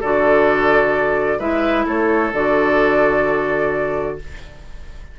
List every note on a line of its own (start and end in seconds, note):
0.00 1.39 D3
0.00 1.40 F#4
0.00 1.38 A4
0.00 1.40 D5
1.39 1.85 G#3
1.39 2.32 E4
1.39 1.85 B4
1.39 1.86 E5
1.86 2.33 A3
1.86 4.17 A4
1.86 2.33 C#5
2.33 4.18 D3
2.33 4.19 F#4
2.33 4.19 D5